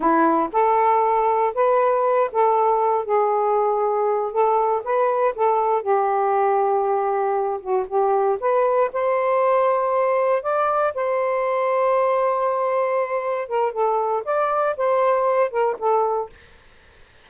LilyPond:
\new Staff \with { instrumentName = "saxophone" } { \time 4/4 \tempo 4 = 118 e'4 a'2 b'4~ | b'8 a'4. gis'2~ | gis'8 a'4 b'4 a'4 g'8~ | g'2. fis'8 g'8~ |
g'8 b'4 c''2~ c''8~ | c''8 d''4 c''2~ c''8~ | c''2~ c''8 ais'8 a'4 | d''4 c''4. ais'8 a'4 | }